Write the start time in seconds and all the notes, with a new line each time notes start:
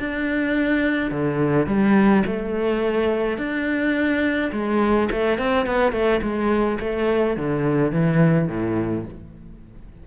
0.00 D4
1.11 D3
1.67 G3
2.27 A3
3.38 D4
4.53 G#3
5.12 A3
5.39 C4
5.67 B3
5.93 A3
6.23 G#3
6.80 A3
7.37 D3
7.92 E3
8.49 A2